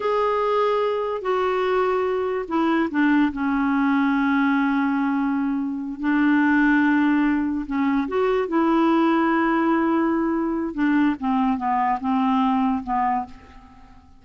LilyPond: \new Staff \with { instrumentName = "clarinet" } { \time 4/4 \tempo 4 = 145 gis'2. fis'4~ | fis'2 e'4 d'4 | cis'1~ | cis'2~ cis'8 d'4.~ |
d'2~ d'8 cis'4 fis'8~ | fis'8 e'2.~ e'8~ | e'2 d'4 c'4 | b4 c'2 b4 | }